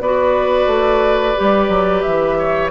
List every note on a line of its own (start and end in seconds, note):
0.00 0.66 B3
0.00 1.36 F#4
0.00 2.38 B4
0.00 2.01 D5
0.66 1.34 A3
1.36 1.69 G3
1.36 2.71 G4
1.69 2.02 F#3
2.01 2.71 E3
2.01 2.69 E5
2.38 2.71 C#5